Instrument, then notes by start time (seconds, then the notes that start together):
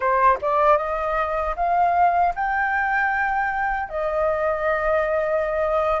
flute
0.00 C5
0.41 D5
0.77 D#5
1.56 F5
2.35 G5
3.89 D#5